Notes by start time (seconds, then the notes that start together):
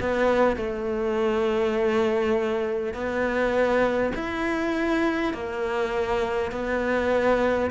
0.00 B3
0.56 A3
2.94 B3
4.14 E4
5.34 A#3
6.52 B3